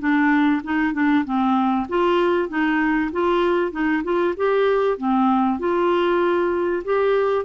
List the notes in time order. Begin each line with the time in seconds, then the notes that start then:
0.00 D4
0.64 D#4
0.94 D4
1.25 C4
1.89 F4
2.49 D#4
3.12 F4
3.72 D#4
4.04 F4
4.37 G4
4.98 C4
5.60 F4
6.85 G4